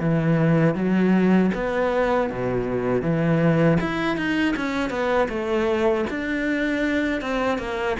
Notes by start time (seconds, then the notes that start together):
0.00 E3
0.75 F#3
1.54 B3
2.30 B2
3.02 E3
3.80 E4
4.17 D#4
4.56 C#4
4.90 B3
5.29 A3
6.10 D4
7.21 C4
7.58 A#3